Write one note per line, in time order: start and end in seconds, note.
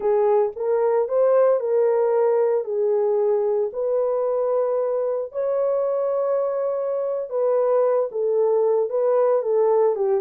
0.00 0.52 G#4
0.56 1.08 A#4
1.08 1.60 C5
1.60 2.64 A#4
2.64 3.70 G#4
3.72 5.32 B4
5.32 7.29 C#5
7.29 8.09 B4
8.11 8.89 A4
8.89 9.42 B4
9.42 9.95 A4
9.95 10.21 G4